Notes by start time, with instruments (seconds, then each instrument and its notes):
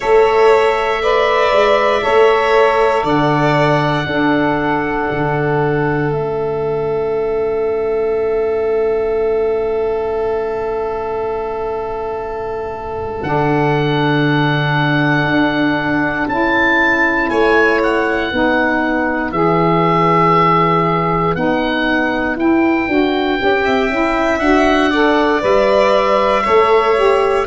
0.00 tuba A3, saxophone A4, violin C#5, oboe E5
1.02 saxophone B4, violin D5
1.51 tuba G#3
2.00 tuba A3, saxophone A4, violin C#5
3.03 tuba D3, violin D5, oboe F#5
4.06 tuba D4, saxophone D4, violin A4
5.10 tuba D3
6.11 tuba A3, saxophone C#4, oboe E5
13.22 tuba D3, saxophone D4, oboe F#5
15.24 tuba D4
16.27 tuba C#4, saxophone E4, oboe A5
17.29 tuba A3, violin C#5, oboe G#5
17.82 oboe F#5
18.30 tuba B3, saxophone D#4, violin B4
19.32 tuba E3, saxophone G#4, oboe E5
21.35 tuba B3, saxophone D#4, oboe F#5
22.35 tuba E4, saxophone E4, oboe G5
22.88 tuba D4, saxophone F#4
23.38 tuba C#4, saxophone G4
23.64 tuba C4, violin E5
23.89 tuba C#4, saxophone E4
24.39 tuba D4, saxophone F#4, oboe F#5
24.90 saxophone A4, violin D5
25.40 tuba G3, saxophone B4, oboe E5
26.43 tuba A3, saxophone A4, violin C#5
26.95 saxophone G4